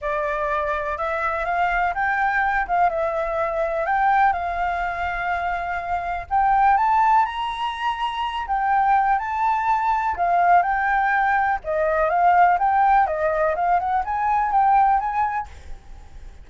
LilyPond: \new Staff \with { instrumentName = "flute" } { \time 4/4 \tempo 4 = 124 d''2 e''4 f''4 | g''4. f''8 e''2 | g''4 f''2.~ | f''4 g''4 a''4 ais''4~ |
ais''4. g''4. a''4~ | a''4 f''4 g''2 | dis''4 f''4 g''4 dis''4 | f''8 fis''8 gis''4 g''4 gis''4 | }